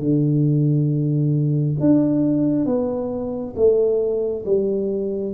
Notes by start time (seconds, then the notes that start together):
0.00 D3
1.80 D4
2.66 B3
3.57 A3
4.46 G3